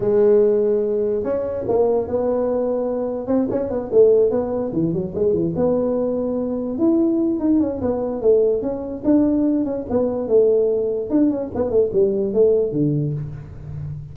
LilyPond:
\new Staff \with { instrumentName = "tuba" } { \time 4/4 \tempo 4 = 146 gis2. cis'4 | ais4 b2. | c'8 cis'8 b8 a4 b4 e8 | fis8 gis8 e8 b2~ b8~ |
b8 e'4. dis'8 cis'8 b4 | a4 cis'4 d'4. cis'8 | b4 a2 d'8 cis'8 | b8 a8 g4 a4 d4 | }